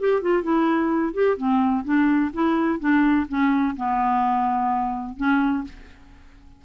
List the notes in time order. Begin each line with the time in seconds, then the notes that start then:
0.00 G4
0.22 F4
0.43 E4
1.14 G4
1.38 C4
1.85 D4
2.33 E4
2.80 D4
3.29 C#4
3.77 B3
5.17 C#4